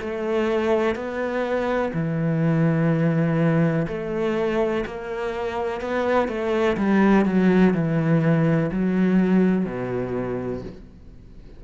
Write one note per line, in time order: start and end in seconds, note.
0.00 0.95 A3
0.95 1.92 B3
1.93 3.87 E3
3.88 4.84 A3
4.86 5.81 A#3
5.81 6.28 B3
6.28 6.77 A3
6.77 7.25 G3
7.25 7.74 F#3
7.74 8.71 E3
8.71 9.65 F#3
9.65 10.62 B2